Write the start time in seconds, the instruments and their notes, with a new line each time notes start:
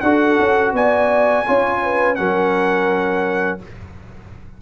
0.00 tuba D4, trombone F#4, horn A4, trumpet F#5
0.39 tuba C#4
0.72 tuba B3, horn D5, trumpet G#5
1.45 tuba C#4, trombone F4, horn C#5
1.82 horn B4
2.15 tuba F#3, trombone C#4, horn A#4, trumpet F#5